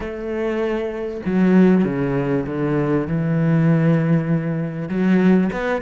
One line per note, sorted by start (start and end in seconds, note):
0.00 1.21 A3
1.25 1.84 F#3
1.84 2.45 C#3
2.46 3.07 D3
3.07 4.88 E3
4.88 5.50 F#3
5.52 5.81 B3